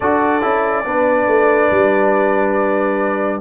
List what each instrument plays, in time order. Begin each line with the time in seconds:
0.00 tuba D4, trombone F#4, horn A4, trumpet D5
0.41 tuba C#4, trombone E4
0.85 tuba B3, trombone D4, horn B4
1.27 tuba A3
1.70 tuba G3